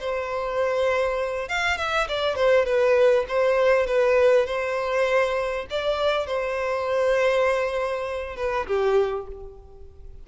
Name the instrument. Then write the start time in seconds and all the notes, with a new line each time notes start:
violin
0.00 C5
1.49 F5
1.78 E5
2.08 D5
2.35 C5
2.66 B4
3.29 C5
3.87 B4
4.46 C5
5.71 D5
6.27 C5
8.36 B4
8.67 G4